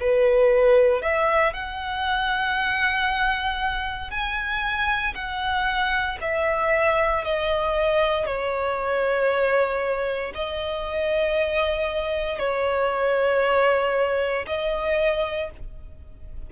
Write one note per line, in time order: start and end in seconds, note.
0.00 1.01 B4
1.01 1.53 E5
1.53 4.11 F#5
4.11 5.14 G#5
5.14 6.18 F#5
6.21 7.24 E5
7.24 8.25 D#5
8.25 10.32 C#5
10.34 12.39 D#5
12.39 14.45 C#5
14.46 15.50 D#5